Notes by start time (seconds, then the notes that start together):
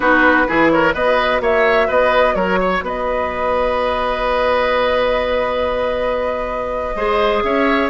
0.00 B3 D#4 F#4 B4
0.47 E3 E4 G#4
0.70 A#4 C#5
0.94 B3 F#4 B4 D#5
1.40 A#3 C#5 E5
1.87 B3 B4 D#5
2.35 F#3 A#4 C#5
2.60 C#5
2.81 B3 B4 D#5
6.95 G#3 G#4 C5
7.42 C#4 C#5 E5